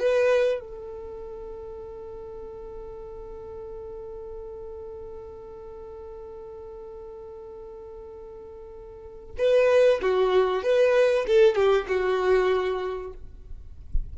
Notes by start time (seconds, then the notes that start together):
0.00 B4
0.60 A4
9.38 B4
10.02 F#4
10.63 B4
11.27 A4
11.56 G4
11.88 F#4